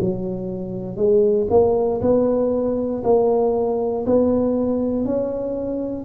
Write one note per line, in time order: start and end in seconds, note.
0.00 0.96 F#3
0.96 1.47 G#3
1.49 2.00 A#3
2.01 3.02 B3
3.03 4.05 A#3
4.05 5.05 B3
5.05 6.05 C#4